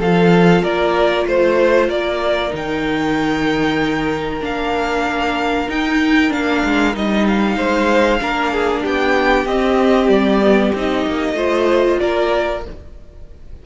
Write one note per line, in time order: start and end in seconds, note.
0.00 0.63 F3
0.00 2.50 F4
0.00 0.63 A4
0.00 0.64 F5
0.63 1.26 A#3
0.63 1.26 A#4
0.63 1.27 D5
1.27 1.89 A3
1.27 1.88 C5
1.27 1.90 C5
1.88 2.52 A#3
1.88 7.57 A#4
1.88 2.53 D5
2.50 4.42 D#3
2.50 4.39 D#4
2.57 4.45 G5
4.41 5.69 A#3
4.41 5.67 D4
4.41 5.71 F5
5.68 6.30 D#4
5.68 6.32 D#4
5.68 6.33 G5
6.30 6.63 A#3
6.30 6.93 D4
6.30 6.96 F5
6.65 6.96 G#3
6.94 7.58 G3
6.94 8.20 D#4
6.94 7.28 D#5
7.28 8.86 F5
7.57 8.21 G#3
7.57 8.20 C5
8.20 8.85 A#3
8.20 9.46 D4
8.20 8.53 A#4
8.53 8.83 G#4
8.83 9.46 B3
8.83 11.35 G4
8.83 9.47 G5
9.46 10.09 C4
9.46 10.42 C4
9.46 10.10 D#5
10.09 10.72 G3
10.09 10.73 D5
10.42 10.74 B3
10.75 11.06 C4
10.75 11.36 D#4
10.75 12.00 D#5
11.07 11.34 A#3
11.34 11.97 A3
11.34 12.62 F4
11.34 12.00 C5
12.00 12.66 A#3
12.00 12.65 A#4
12.00 12.63 D5